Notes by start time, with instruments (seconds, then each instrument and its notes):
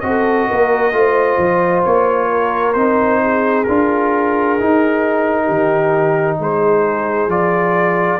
0.00 tuba C4, trombone F#4, trumpet D#5
0.06 horn A4
0.48 tuba A#3, horn A#4
0.92 tuba A3, trombone F4, horn C5
1.37 tuba F3
1.85 tuba A#3, trumpet C#5
2.30 horn A#4
2.73 tuba C4, trombone D#4, trumpet C5
3.22 horn G#4
3.63 tuba D4, trombone F4, trumpet A#4
4.59 trombone D#4, tuba D#4
5.44 tuba D#3, horn G4
6.39 tuba G#3, horn G#4, trumpet C5
7.27 tuba F3, trombone F4, trumpet D5